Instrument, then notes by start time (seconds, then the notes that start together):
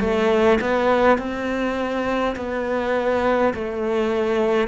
cello
0.00 A3
0.61 B3
1.18 C4
2.36 B3
3.55 A3